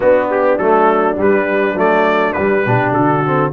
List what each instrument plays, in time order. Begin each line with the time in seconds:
0.00 trombone B3, tuba B3, horn D4, trumpet F#4
0.31 trumpet G4
0.57 tuba F#3, trombone A3, trumpet A4
1.15 trombone G3, tuba G3, trumpet B4
1.74 tuba F#3, trombone A3, trumpet D5
2.32 trombone G3, tuba G3, trumpet B4
2.63 tuba B2, trombone D4, horn G4
2.91 tuba D3, horn F#4, trumpet A4
3.25 trombone C4